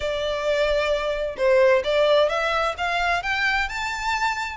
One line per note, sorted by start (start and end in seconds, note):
0.00 1.36 D5
1.37 1.82 C5
1.83 2.29 D5
2.29 2.74 E5
2.77 3.22 F5
3.22 3.68 G5
3.68 4.57 A5